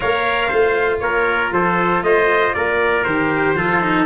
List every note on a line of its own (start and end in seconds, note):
0.00 0.52 A#3
0.00 0.50 A#4
0.00 0.47 C#5
0.00 0.99 F5
0.47 1.01 A3
0.47 3.04 F4
0.47 0.98 C5
0.99 1.51 A#3
0.99 1.53 A#4
0.99 1.50 C#5
1.51 2.02 F3
1.51 2.04 A4
1.51 2.03 C5
2.02 2.53 A3
2.02 2.55 C5
2.02 2.53 D#5
2.53 3.05 A#3
2.53 3.57 A#4
2.53 3.04 D5
3.04 3.54 D#3
3.04 3.56 G4
3.04 4.05 C5
3.54 4.05 F3
3.54 3.81 F4
3.54 4.06 A4
3.81 4.06 D#4